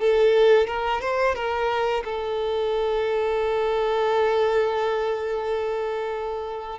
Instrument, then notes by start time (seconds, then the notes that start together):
violin
0.00 A4
0.67 A#4
1.01 C5
1.35 A#4
2.05 A4